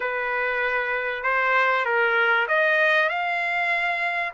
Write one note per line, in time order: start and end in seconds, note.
0.00 1.23 B4
1.23 1.85 C5
1.85 2.47 A#4
2.48 3.09 D#5
3.09 4.32 F5